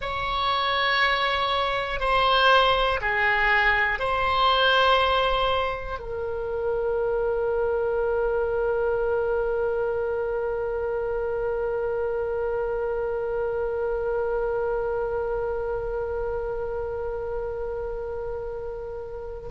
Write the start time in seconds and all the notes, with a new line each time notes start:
0.01 C#5
2.00 C5
3.01 G#4
3.99 C5
5.99 A#4